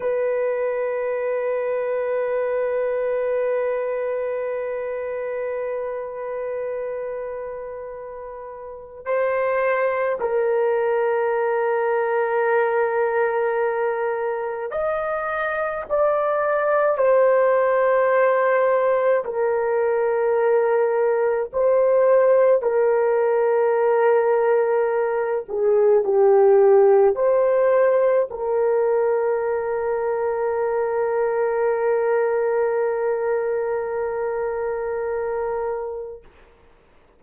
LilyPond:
\new Staff \with { instrumentName = "horn" } { \time 4/4 \tempo 4 = 53 b'1~ | b'1 | c''4 ais'2.~ | ais'4 dis''4 d''4 c''4~ |
c''4 ais'2 c''4 | ais'2~ ais'8 gis'8 g'4 | c''4 ais'2.~ | ais'1 | }